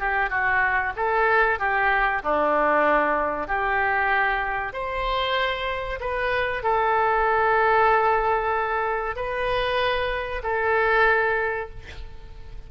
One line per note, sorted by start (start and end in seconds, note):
0.00 0.30 G4
0.30 0.94 F#4
0.97 1.60 A4
1.60 2.23 G4
2.24 3.48 D4
3.48 4.74 G4
4.74 6.00 C5
6.01 6.64 B4
6.64 9.16 A4
9.16 10.43 B4
10.44 11.70 A4